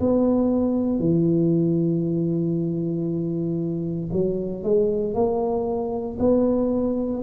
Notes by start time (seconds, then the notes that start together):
0.00 B3
0.99 E3
4.12 F#3
4.64 G#3
5.14 A#3
6.19 B3